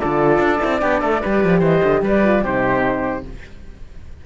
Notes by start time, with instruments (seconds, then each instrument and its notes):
0.00 cello D3, horn F4, oboe A4, flute D5
0.38 cello D4
0.60 cello C4, horn E4
0.79 cello B3, horn D4, oboe G4
1.00 cello A3, oboe A4
1.21 cello G3, horn G4, oboe B4
1.44 cello F3
1.59 cello E3, oboe C5, flute D#5
1.84 cello D3
2.02 cello G3, oboe B4, flute D5
2.24 horn F4
2.43 cello C3, horn D#4, oboe G4, flute C5